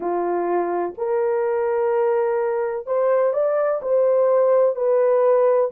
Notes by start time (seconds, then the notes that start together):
0.00 F4
0.97 A#4
2.86 C5
3.33 D5
3.81 C5
4.75 B4